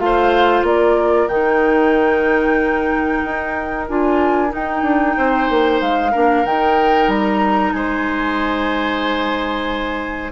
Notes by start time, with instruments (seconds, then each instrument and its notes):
0.00 bassoon A3, clarinet F4, oboe C5, flute F5
0.63 bassoon A#3, oboe A#4, flute D5
1.28 bassoon D#3, clarinet D#4, flute G5
3.25 bassoon D#4
3.89 bassoon D4, clarinet F4, flute G#5
4.49 clarinet D#4, bassoon D#4, flute G5
4.83 bassoon D4
5.17 bassoon C4, oboe C5
5.50 bassoon A#3
5.82 bassoon G#3, flute F5
6.12 bassoon A#3, clarinet D4, oboe A#4
6.45 bassoon D#3, clarinet D#4, flute G5
7.08 bassoon G3, flute A#5
7.73 bassoon G#3, oboe C5, flute G#5